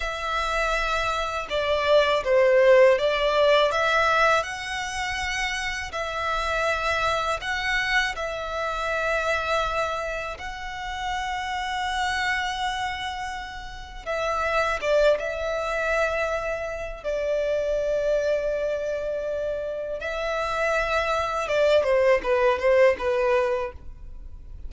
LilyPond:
\new Staff \with { instrumentName = "violin" } { \time 4/4 \tempo 4 = 81 e''2 d''4 c''4 | d''4 e''4 fis''2 | e''2 fis''4 e''4~ | e''2 fis''2~ |
fis''2. e''4 | d''8 e''2~ e''8 d''4~ | d''2. e''4~ | e''4 d''8 c''8 b'8 c''8 b'4 | }